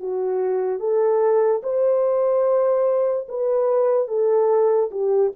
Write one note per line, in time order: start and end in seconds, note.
0.00 0.80 F#4
0.80 1.62 A4
1.63 3.28 C5
3.29 4.08 B4
4.08 4.90 A4
4.91 5.32 G4